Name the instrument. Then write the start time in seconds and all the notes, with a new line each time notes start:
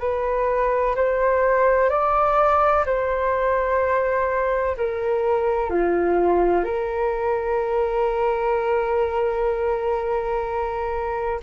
flute
0.00 B4
0.95 C5
1.90 D5
2.86 C5
4.77 A#4
5.70 F4
6.64 A#4